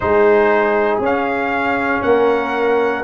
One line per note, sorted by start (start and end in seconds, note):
0.00 0.99 G#3
0.00 1.02 D#4
0.00 2.04 G#4
0.00 1.00 C5
0.99 2.00 C#4
0.99 3.04 C#4
0.99 2.02 F5
2.02 3.04 A#3
2.02 3.04 A#4
2.02 3.04 F#5